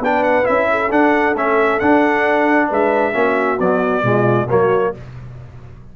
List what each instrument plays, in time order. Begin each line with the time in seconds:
0.00 tuba B3, trombone D4, horn B4, trumpet G5
0.24 trumpet F#5
0.44 tuba C#4, trombone E4, trumpet E5
0.71 horn A4
0.91 trombone D4, tuba D4, trumpet F#5
1.35 tuba A3, trombone C#4, trumpet E5
1.80 tuba D4, trombone D4, trumpet F#5
2.69 tuba G#3, horn B4, trumpet E5
3.13 tuba A#3, trombone C#4, horn F#4
3.60 trombone F#3, tuba B3, trumpet D5
4.03 tuba B2, trombone G#3, horn F4
4.48 tuba F#3, trombone A#3, horn F#4, trumpet C#5